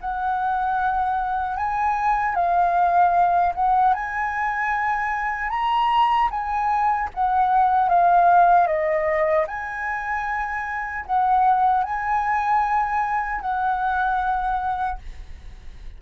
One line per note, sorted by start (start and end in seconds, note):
0.00 1.56 F#5
1.56 2.35 G#5
2.35 3.53 F5
3.54 3.94 F#5
3.94 5.49 G#5
5.49 6.28 A#5
6.30 7.09 G#5
7.14 7.89 F#5
7.89 8.67 F5
8.67 9.46 D#5
9.47 11.05 G#5
11.05 11.83 F#5
11.83 13.40 G#5
13.40 14.98 F#5